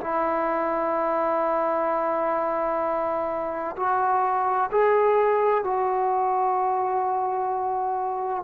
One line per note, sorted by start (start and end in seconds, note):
0.00 3.75 E4
3.76 4.70 F#4
4.71 5.64 G#4
5.64 8.43 F#4